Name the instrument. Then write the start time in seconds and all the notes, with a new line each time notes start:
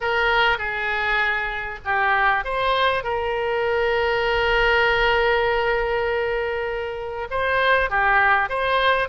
oboe
0.01 A#4
0.58 G#4
1.85 G4
2.44 C5
3.03 A#4
7.30 C5
7.90 G4
8.49 C5